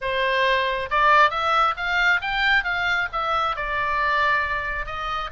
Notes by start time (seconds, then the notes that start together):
0.01 C5
0.90 D5
1.30 E5
1.76 F5
2.21 G5
2.64 F5
3.12 E5
3.56 D5
4.86 D#5